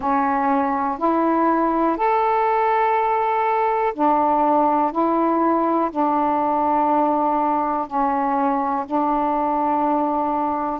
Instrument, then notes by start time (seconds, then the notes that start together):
saxophone
0.00 C#4
0.98 E4
1.96 A4
3.93 D4
4.92 E4
5.90 D4
7.87 C#4
8.86 D4